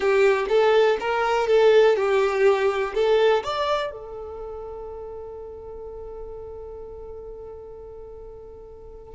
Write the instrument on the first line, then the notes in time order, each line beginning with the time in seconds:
violin
0.00 G4
0.48 A4
1.00 A#4
1.47 A4
1.96 G4
2.94 A4
3.43 D5
3.91 A4